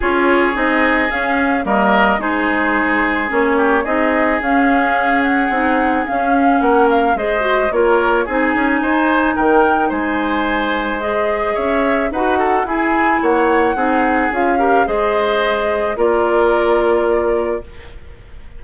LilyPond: <<
  \new Staff \with { instrumentName = "flute" } { \time 4/4 \tempo 4 = 109 cis''4 dis''4 f''4 dis''4 | c''2 cis''4 dis''4 | f''4. fis''4. f''4 | fis''8 f''8 dis''4 cis''4 gis''4~ |
gis''4 g''4 gis''2 | dis''4 e''4 fis''4 gis''4 | fis''2 f''4 dis''4~ | dis''4 d''2. | }
  \new Staff \with { instrumentName = "oboe" } { \time 4/4 gis'2. ais'4 | gis'2~ gis'8 g'8 gis'4~ | gis'1 | ais'4 c''4 ais'4 gis'4 |
c''4 ais'4 c''2~ | c''4 cis''4 b'8 a'8 gis'4 | cis''4 gis'4. ais'8 c''4~ | c''4 ais'2. | }
  \new Staff \with { instrumentName = "clarinet" } { \time 4/4 f'4 dis'4 cis'4 ais4 | dis'2 cis'4 dis'4 | cis'2 dis'4 cis'4~ | cis'4 gis'8 fis'8 f'4 dis'4~ |
dis'1 | gis'2 fis'4 e'4~ | e'4 dis'4 f'8 g'8 gis'4~ | gis'4 f'2. | }
  \new Staff \with { instrumentName = "bassoon" } { \time 4/4 cis'4 c'4 cis'4 g4 | gis2 ais4 c'4 | cis'2 c'4 cis'4 | ais4 gis4 ais4 c'8 cis'8 |
dis'4 dis4 gis2~ | gis4 cis'4 dis'4 e'4 | ais4 c'4 cis'4 gis4~ | gis4 ais2. | }
>>